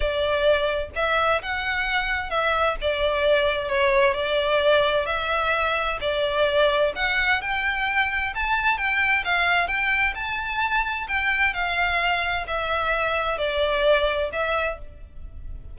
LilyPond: \new Staff \with { instrumentName = "violin" } { \time 4/4 \tempo 4 = 130 d''2 e''4 fis''4~ | fis''4 e''4 d''2 | cis''4 d''2 e''4~ | e''4 d''2 fis''4 |
g''2 a''4 g''4 | f''4 g''4 a''2 | g''4 f''2 e''4~ | e''4 d''2 e''4 | }